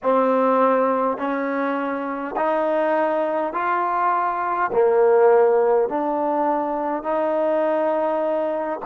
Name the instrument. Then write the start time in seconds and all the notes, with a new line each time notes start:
trombone
0.03 C4
1.17 C#4
2.36 D#4
3.53 F4
4.72 A#3
5.88 D4
7.03 D#4